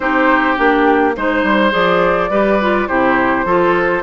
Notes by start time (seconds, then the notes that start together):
0.00 C4 D#4 G4 C5
0.56 A#3 D4 G4
1.16 G#3 D#4 C5
1.43 G3
1.70 F3 G#4 D5
2.29 G3 G4 B4
2.61 F4
2.87 C3 E4 G4 C5
3.45 F3 F4 A4